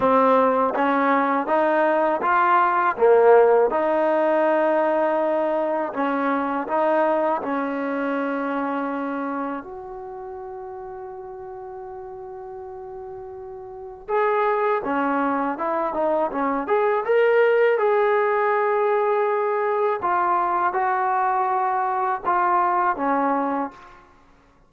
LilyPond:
\new Staff \with { instrumentName = "trombone" } { \time 4/4 \tempo 4 = 81 c'4 cis'4 dis'4 f'4 | ais4 dis'2. | cis'4 dis'4 cis'2~ | cis'4 fis'2.~ |
fis'2. gis'4 | cis'4 e'8 dis'8 cis'8 gis'8 ais'4 | gis'2. f'4 | fis'2 f'4 cis'4 | }